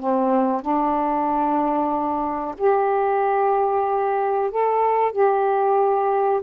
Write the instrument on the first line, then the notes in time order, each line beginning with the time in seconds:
saxophone
0.00 C4
0.62 D4
2.58 G4
4.51 A4
5.13 G4